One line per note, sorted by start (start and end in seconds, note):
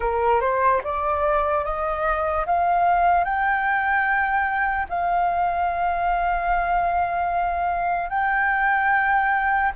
0.00 0.40 A#4
0.41 0.81 C5
0.83 1.64 D5
1.64 2.45 D#5
2.45 3.24 F5
3.24 4.86 G5
4.89 8.09 F5
8.09 9.71 G5